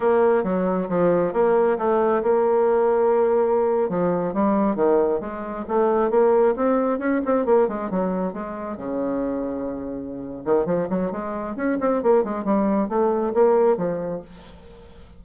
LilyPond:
\new Staff \with { instrumentName = "bassoon" } { \time 4/4 \tempo 4 = 135 ais4 fis4 f4 ais4 | a4 ais2.~ | ais8. f4 g4 dis4 gis16~ | gis8. a4 ais4 c'4 cis'16~ |
cis'16 c'8 ais8 gis8 fis4 gis4 cis16~ | cis2.~ cis8 dis8 | f8 fis8 gis4 cis'8 c'8 ais8 gis8 | g4 a4 ais4 f4 | }